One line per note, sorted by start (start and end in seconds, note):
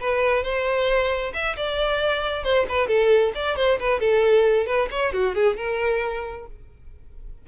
0.00 0.43 B4
0.43 1.32 C5
1.34 1.56 E5
1.56 2.43 D5
2.43 2.66 C5
2.68 2.87 B4
2.87 3.32 A4
3.34 3.56 D5
3.56 3.79 C5
3.79 4.00 B4
4.00 4.66 A4
4.66 4.88 B4
4.91 5.13 C#5
5.13 5.34 F#4
5.34 5.57 G#4
5.57 6.46 A#4